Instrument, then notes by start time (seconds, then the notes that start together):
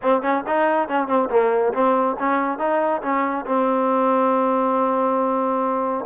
trombone
0.02 C4
0.22 C#4
0.47 D#4
0.88 C#4
1.07 C4
1.29 A#3
1.73 C4
2.19 C#4
2.58 D#4
3.02 C#4
3.45 C4